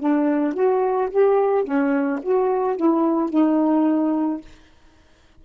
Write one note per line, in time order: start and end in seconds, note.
0.00 0.54 D4
0.54 1.10 F#4
1.10 1.64 G4
1.64 2.20 C#4
2.22 2.76 F#4
2.76 3.30 E4
3.30 4.41 D#4